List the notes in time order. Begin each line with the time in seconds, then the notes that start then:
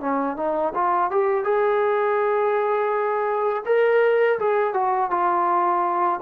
0.00 C#4
0.36 D#4
0.74 F4
1.10 G4
1.44 G#4
3.65 A#4
4.39 G#4
4.73 F#4
5.10 F4